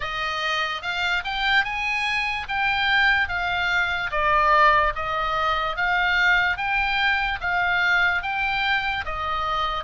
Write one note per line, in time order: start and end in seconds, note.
0.00 0.81 D#5
0.81 1.23 F5
1.24 1.64 G5
1.64 2.46 G#5
2.48 3.28 G5
3.28 4.10 F5
4.11 4.93 D5
4.95 5.76 D#5
5.76 6.57 F5
6.57 7.39 G5
7.40 8.22 F5
8.22 9.04 G5
9.05 9.84 D#5